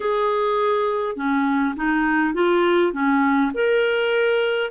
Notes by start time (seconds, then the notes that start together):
0.00 G#4
1.16 C#4
1.76 D#4
2.34 F4
2.93 C#4
3.53 A#4